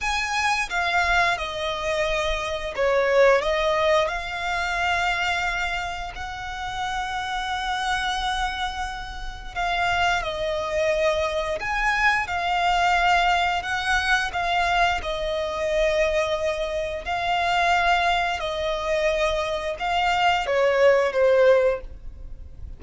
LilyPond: \new Staff \with { instrumentName = "violin" } { \time 4/4 \tempo 4 = 88 gis''4 f''4 dis''2 | cis''4 dis''4 f''2~ | f''4 fis''2.~ | fis''2 f''4 dis''4~ |
dis''4 gis''4 f''2 | fis''4 f''4 dis''2~ | dis''4 f''2 dis''4~ | dis''4 f''4 cis''4 c''4 | }